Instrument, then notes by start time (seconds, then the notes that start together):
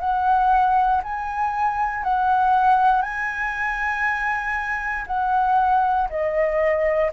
flute
0.00 F#5
1.04 G#5
2.04 F#5
3.02 G#5
5.07 F#5
6.10 D#5